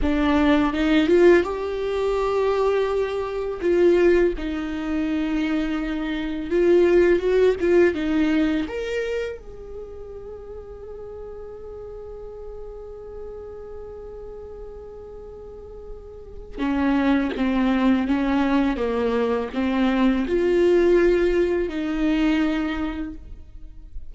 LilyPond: \new Staff \with { instrumentName = "viola" } { \time 4/4 \tempo 4 = 83 d'4 dis'8 f'8 g'2~ | g'4 f'4 dis'2~ | dis'4 f'4 fis'8 f'8 dis'4 | ais'4 gis'2.~ |
gis'1~ | gis'2. cis'4 | c'4 cis'4 ais4 c'4 | f'2 dis'2 | }